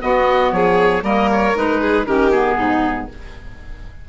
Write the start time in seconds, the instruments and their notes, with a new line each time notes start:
0.00 clarinet B3, bassoon B3, violin F#4, oboe D#5
0.52 bassoon F3, violin G#4, oboe C#5
1.02 bassoon G3, clarinet A#3, violin A#4, oboe D#5
1.32 oboe C#5
1.55 bassoon G#3, clarinet D#4, oboe B4
1.81 violin G#4
2.06 bassoon D#3, clarinet C#4, violin G4, oboe A#4
2.31 clarinet B3, oboe G#4
2.57 bassoon G#2, violin D#4